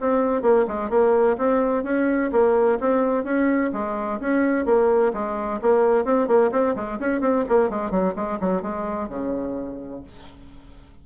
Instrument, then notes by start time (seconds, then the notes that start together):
bassoon
0.00 C4
0.42 A#3
0.67 G#3
0.90 A#3
1.37 C4
1.84 C#4
2.32 A#3
2.80 C4
3.24 C#4
3.73 G#3
4.20 C#4
4.65 A#3
5.13 G#3
5.61 A#3
6.05 C4
6.27 A#3
6.51 C4
6.75 G#3
6.99 C#4
7.21 C4
7.49 A#3
7.69 G#3
7.90 F#3
8.15 G#3
8.40 F#3
8.62 G#3
9.09 C#3